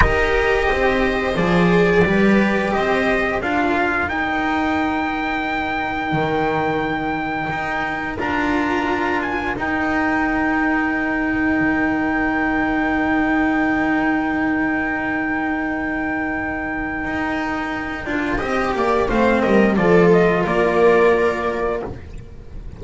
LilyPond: <<
  \new Staff \with { instrumentName = "trumpet" } { \time 4/4 \tempo 4 = 88 dis''2 d''2 | dis''4 f''4 g''2~ | g''1 | ais''4. gis''8 g''2~ |
g''1~ | g''1~ | g''1 | f''8 dis''8 d''8 dis''8 d''2 | }
  \new Staff \with { instrumentName = "viola" } { \time 4/4 ais'4 c''2 b'4 | c''4 ais'2.~ | ais'1~ | ais'1~ |
ais'1~ | ais'1~ | ais'2. dis''8 d''8 | c''8 ais'8 a'4 ais'2 | }
  \new Staff \with { instrumentName = "cello" } { \time 4/4 g'2 gis'4 g'4~ | g'4 f'4 dis'2~ | dis'1 | f'2 dis'2~ |
dis'1~ | dis'1~ | dis'2~ dis'8 f'8 g'4 | c'4 f'2. | }
  \new Staff \with { instrumentName = "double bass" } { \time 4/4 dis'4 c'4 f4 g4 | c'4 d'4 dis'2~ | dis'4 dis2 dis'4 | d'2 dis'2~ |
dis'4 dis2.~ | dis1~ | dis4 dis'4. d'8 c'8 ais8 | a8 g8 f4 ais2 | }
>>